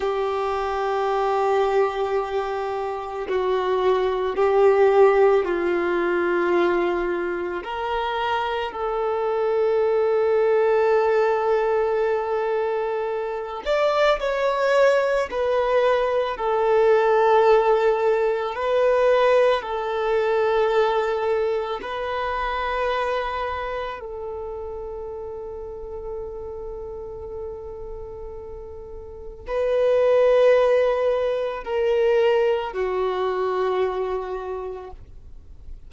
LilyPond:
\new Staff \with { instrumentName = "violin" } { \time 4/4 \tempo 4 = 55 g'2. fis'4 | g'4 f'2 ais'4 | a'1~ | a'8 d''8 cis''4 b'4 a'4~ |
a'4 b'4 a'2 | b'2 a'2~ | a'2. b'4~ | b'4 ais'4 fis'2 | }